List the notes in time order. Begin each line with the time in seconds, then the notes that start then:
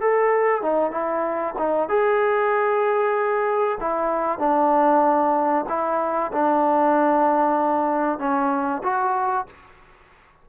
0.00 A4
0.62 D#4
0.91 E4
1.58 D#4
1.88 G#4
3.80 E4
4.38 D4
5.68 E4
6.32 D4
8.18 C#4
8.83 F#4